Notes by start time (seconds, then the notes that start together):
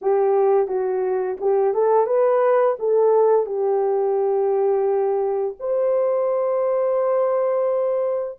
0.01 G4
0.67 F#4
1.40 G4
1.73 A4
2.06 B4
2.79 A4
3.46 G4
5.59 C5